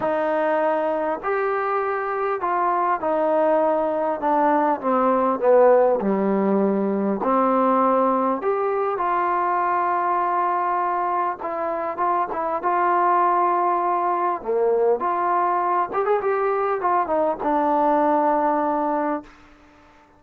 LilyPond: \new Staff \with { instrumentName = "trombone" } { \time 4/4 \tempo 4 = 100 dis'2 g'2 | f'4 dis'2 d'4 | c'4 b4 g2 | c'2 g'4 f'4~ |
f'2. e'4 | f'8 e'8 f'2. | ais4 f'4. g'16 gis'16 g'4 | f'8 dis'8 d'2. | }